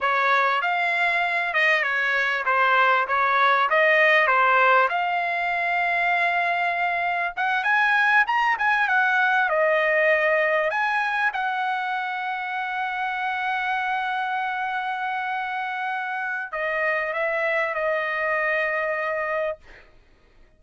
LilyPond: \new Staff \with { instrumentName = "trumpet" } { \time 4/4 \tempo 4 = 98 cis''4 f''4. dis''8 cis''4 | c''4 cis''4 dis''4 c''4 | f''1 | fis''8 gis''4 ais''8 gis''8 fis''4 dis''8~ |
dis''4. gis''4 fis''4.~ | fis''1~ | fis''2. dis''4 | e''4 dis''2. | }